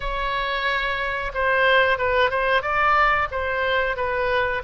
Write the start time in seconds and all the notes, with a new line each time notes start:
0.00 C#5
1.34 C5
1.98 B4
2.30 C5
2.62 D5
3.31 C5
3.96 B4